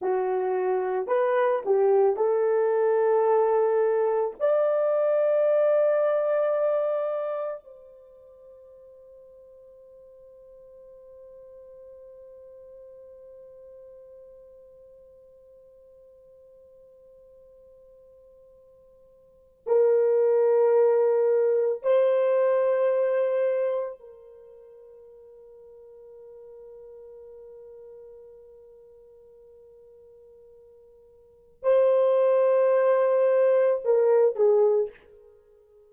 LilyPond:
\new Staff \with { instrumentName = "horn" } { \time 4/4 \tempo 4 = 55 fis'4 b'8 g'8 a'2 | d''2. c''4~ | c''1~ | c''1~ |
c''2 ais'2 | c''2 ais'2~ | ais'1~ | ais'4 c''2 ais'8 gis'8 | }